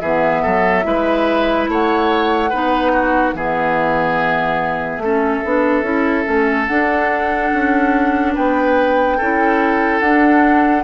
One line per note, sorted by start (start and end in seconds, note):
0.00 0.43 E3
0.00 0.83 B3
0.00 0.42 G#4
0.00 1.67 E5
0.42 0.85 F#3
0.42 0.84 A4
0.83 1.68 G#3
0.83 2.49 E4
0.83 1.70 B4
1.68 2.52 A3
1.68 2.50 C#5
1.68 3.36 F#5
2.50 3.34 B3
2.50 3.36 D#4
2.50 2.91 B4
2.93 3.34 F#4
3.34 4.98 E3
3.34 5.02 B3
3.34 5.03 G#4
3.34 6.66 E5
4.98 5.40 A3
4.98 5.44 C#4
5.04 8.34 A4
5.44 5.82 B3
5.44 5.84 D4
5.82 6.24 C#4
5.82 6.24 E4
6.24 6.69 A3
6.24 6.66 C#4
6.66 7.52 D4
6.66 9.19 D4
6.66 8.33 F#5
7.53 8.36 C#4
8.34 9.20 B3
8.34 9.17 B4
8.34 10.00 G5
9.17 10.01 C#4
9.17 10.02 E4
9.17 10.84 A4
10.00 10.84 D4
10.00 10.83 F#5